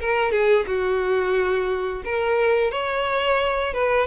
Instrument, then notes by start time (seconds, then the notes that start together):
violin
0.00 A#4
0.32 G#4
0.67 F#4
2.05 A#4
2.71 C#5
3.73 B4